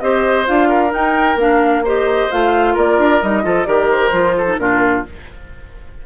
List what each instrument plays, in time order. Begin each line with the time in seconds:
0.00 bassoon C4, clarinet G4, oboe C5, flute D#5
0.46 bassoon D4, clarinet F4, flute F5
0.69 oboe A#4
0.90 clarinet D#4, bassoon D#4, flute G5
1.35 bassoon A#3, clarinet D4, flute F5
1.84 clarinet G4, oboe C5, flute D#5
2.31 bassoon A3, clarinet F4, flute F5
2.74 bassoon A#3, oboe A#4, flute D5
2.98 bassoon D4
3.22 bassoon G3, clarinet D#4, flute D#5
3.43 bassoon F3, clarinet F4, oboe A4
3.65 bassoon D#3, clarinet G4, oboe A#4, flute D5
3.91 flute C5
4.12 bassoon F3, clarinet F4
4.37 oboe A4
4.46 clarinet D#4
4.58 bassoon A#2, clarinet D4, oboe F4, flute A#4